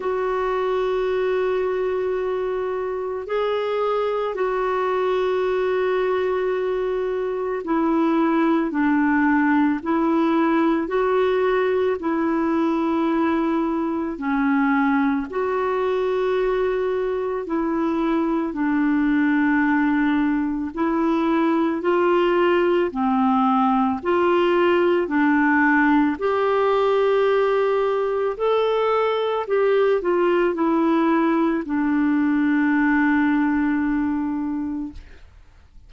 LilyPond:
\new Staff \with { instrumentName = "clarinet" } { \time 4/4 \tempo 4 = 55 fis'2. gis'4 | fis'2. e'4 | d'4 e'4 fis'4 e'4~ | e'4 cis'4 fis'2 |
e'4 d'2 e'4 | f'4 c'4 f'4 d'4 | g'2 a'4 g'8 f'8 | e'4 d'2. | }